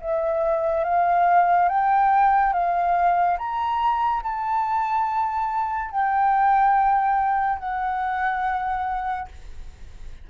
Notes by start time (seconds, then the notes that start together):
0.00 E5
0.84 F5
1.68 G5
2.53 F5
3.38 A#5
4.23 A5
5.91 G5
7.59 F#5